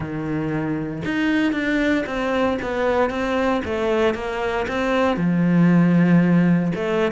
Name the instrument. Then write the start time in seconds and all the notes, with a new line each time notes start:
cello
0.00 D#3
1.04 D#4
1.52 D4
2.06 C4
2.62 B3
3.10 C4
3.64 A3
4.14 A#3
4.68 C4
5.16 F3
6.75 A3